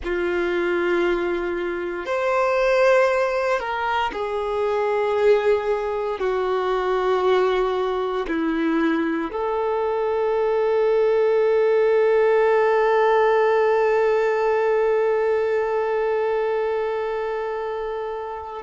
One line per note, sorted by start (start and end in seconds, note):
0.04 2.05 F4
2.05 3.59 C5
3.59 4.11 A#4
4.12 6.19 G#4
6.19 8.26 F#4
8.28 9.31 E4
9.31 18.62 A4